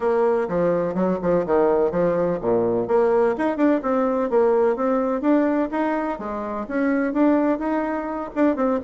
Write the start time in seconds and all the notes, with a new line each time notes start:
0.00 A#3
0.48 F3
0.94 F#3
1.21 F3
1.45 D#3
1.91 F3
2.41 A#2
2.87 A#3
3.37 D#4
3.56 D4
3.82 C4
4.30 A#3
4.76 C4
5.21 D4
5.71 D#4
6.18 G#3
6.68 C#4
7.13 D4
7.58 D#4
8.35 D4
8.55 C4